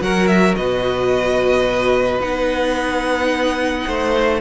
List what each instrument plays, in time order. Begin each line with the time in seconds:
0.00 cello F#3, viola F#4, violin A#4 F#5
0.27 violin E5
0.55 cello B2, violin B4 D#5
2.19 cello B3, viola D#4, violin F#5
3.86 cello A3, violin C5